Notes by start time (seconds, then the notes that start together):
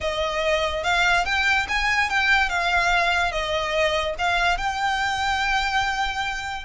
0.00 D#5
0.83 F5
1.25 G5
1.68 G#5
2.09 G5
2.49 F5
3.31 D#5
4.18 F5
4.57 G5